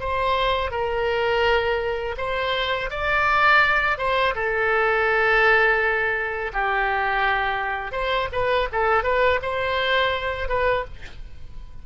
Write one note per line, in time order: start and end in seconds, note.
0.00 0.71 C5
0.71 2.16 A#4
2.18 2.90 C5
2.90 3.98 D5
3.98 4.34 C5
4.35 6.52 A4
6.53 7.92 G4
7.92 8.28 C5
8.32 8.68 B4
8.72 9.04 A4
9.04 9.40 B4
9.42 10.49 C5
10.49 10.85 B4